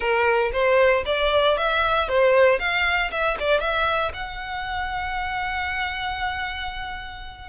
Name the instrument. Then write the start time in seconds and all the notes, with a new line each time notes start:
violin
0.00 A#4
0.52 C5
1.05 D5
1.57 E5
2.08 C5
2.59 F5
3.11 E5
3.39 D5
3.60 E5
4.13 F#5